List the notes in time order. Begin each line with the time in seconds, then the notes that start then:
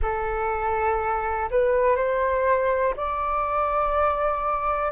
0.02 A4
1.50 B4
1.95 C5
2.96 D5